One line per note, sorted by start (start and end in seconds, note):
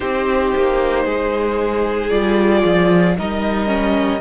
0.00 0.54 C4
0.00 2.11 D#4
0.00 1.05 G4
0.00 2.09 C5
0.56 1.05 A#3
1.05 2.10 G#3
1.05 3.15 G#4
2.09 2.63 G3
2.09 3.16 F4
2.09 3.14 D5
2.64 3.16 F3
3.18 4.21 G3
3.18 3.66 D#4
3.18 4.21 A#4
3.18 4.21 D#5
3.66 4.19 C#4